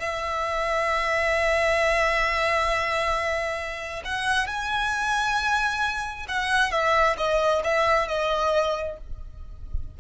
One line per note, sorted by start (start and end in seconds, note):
0.00 4.03 E5
4.05 4.47 F#5
4.47 6.26 G#5
6.28 6.72 F#5
6.72 7.16 E5
7.18 7.63 D#5
7.64 8.08 E5
8.08 8.98 D#5